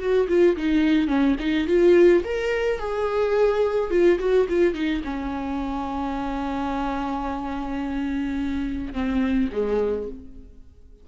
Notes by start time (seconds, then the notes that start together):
0.00 F#4
0.29 F4
0.57 D#4
1.08 C#4
1.40 D#4
1.68 F4
2.25 A#4
2.80 G#4
3.91 F4
4.20 F#4
4.49 F4
4.75 D#4
5.05 C#4
8.94 C4
9.53 G#3